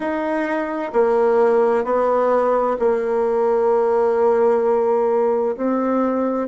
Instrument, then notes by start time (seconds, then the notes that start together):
bassoon
0.00 D#4
0.92 A#3
1.84 B3
2.79 A#3
5.56 C4